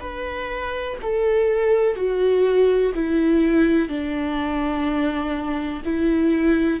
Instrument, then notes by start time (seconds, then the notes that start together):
viola
0.00 B4
1.02 A4
1.95 F#4
2.94 E4
3.88 D4
5.84 E4